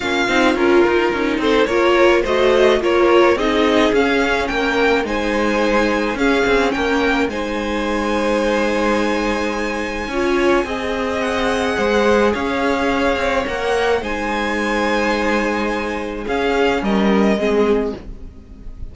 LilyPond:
<<
  \new Staff \with { instrumentName = "violin" } { \time 4/4 \tempo 4 = 107 f''4 ais'4. c''8 cis''4 | dis''4 cis''4 dis''4 f''4 | g''4 gis''2 f''4 | g''4 gis''2.~ |
gis''1 | fis''2 f''2 | fis''4 gis''2.~ | gis''4 f''4 dis''2 | }
  \new Staff \with { instrumentName = "violin" } { \time 4/4 f'2~ f'8 a'8 ais'4 | c''4 ais'4 gis'2 | ais'4 c''2 gis'4 | ais'4 c''2.~ |
c''2 cis''4 dis''4~ | dis''4 c''4 cis''2~ | cis''4 c''2.~ | c''4 gis'4 ais'4 gis'4 | }
  \new Staff \with { instrumentName = "viola" } { \time 4/4 cis'8 dis'8 f'4 dis'4 f'4 | fis'4 f'4 dis'4 cis'4~ | cis'4 dis'2 cis'4~ | cis'4 dis'2.~ |
dis'2 f'4 gis'4~ | gis'1 | ais'4 dis'2.~ | dis'4 cis'2 c'4 | }
  \new Staff \with { instrumentName = "cello" } { \time 4/4 ais8 c'8 cis'8 dis'8 cis'8 c'8 ais4 | a4 ais4 c'4 cis'4 | ais4 gis2 cis'8 c'8 | ais4 gis2.~ |
gis2 cis'4 c'4~ | c'4 gis4 cis'4. c'8 | ais4 gis2.~ | gis4 cis'4 g4 gis4 | }
>>